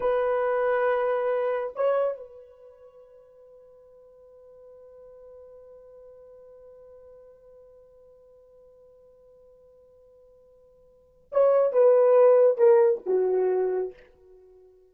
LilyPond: \new Staff \with { instrumentName = "horn" } { \time 4/4 \tempo 4 = 138 b'1 | cis''4 b'2.~ | b'1~ | b'1~ |
b'1~ | b'1~ | b'2 cis''4 b'4~ | b'4 ais'4 fis'2 | }